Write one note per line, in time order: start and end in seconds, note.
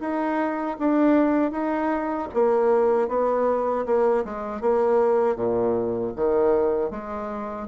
0.00 0.77 D#4
0.79 1.51 D4
1.51 2.28 D#4
2.34 3.08 A#3
3.08 3.85 B3
3.86 4.24 A#3
4.24 4.61 G#3
4.61 5.36 A#3
5.36 6.13 A#2
6.16 6.91 D#3
6.91 7.67 G#3